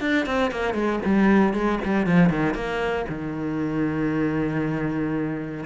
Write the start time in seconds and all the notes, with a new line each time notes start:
0.00 D4
0.26 C4
0.51 A#3
0.73 G#3
1.05 G3
1.53 G#3
1.84 G3
2.06 F3
2.29 D#3
2.54 A#3
3.08 D#3